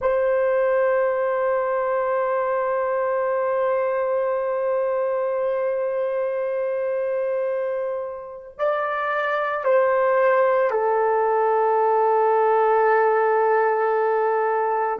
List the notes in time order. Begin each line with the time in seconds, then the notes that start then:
0.01 C5
8.58 D5
9.64 C5
10.70 A4